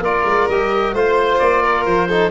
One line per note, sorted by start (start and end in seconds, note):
0.00 0.23 A#3
0.00 0.50 F4
0.00 0.94 A#4
0.00 0.49 D5
0.25 0.48 G#3
0.48 0.94 G3
0.48 0.96 G4
0.48 0.95 D#5
0.94 1.39 A3
0.94 2.10 F4
0.94 1.62 C5
0.94 1.39 C5
1.39 1.86 A#3
1.39 1.85 D5
1.62 2.08 A#4
1.86 2.31 F3
1.86 2.31 C5
2.09 2.31 D#4
2.09 2.31 A4